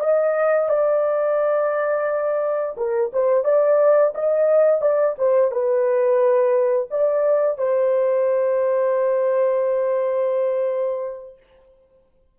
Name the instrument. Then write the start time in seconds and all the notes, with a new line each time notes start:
horn
0.00 D#5
0.69 D5
2.77 A#4
3.13 C5
3.45 D5
4.15 D#5
4.82 D5
5.18 C5
5.51 B4
6.91 D5
7.58 C5